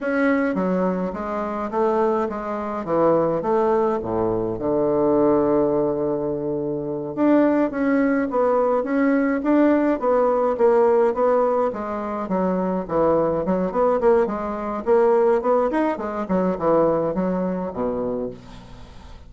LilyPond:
\new Staff \with { instrumentName = "bassoon" } { \time 4/4 \tempo 4 = 105 cis'4 fis4 gis4 a4 | gis4 e4 a4 a,4 | d1~ | d8 d'4 cis'4 b4 cis'8~ |
cis'8 d'4 b4 ais4 b8~ | b8 gis4 fis4 e4 fis8 | b8 ais8 gis4 ais4 b8 dis'8 | gis8 fis8 e4 fis4 b,4 | }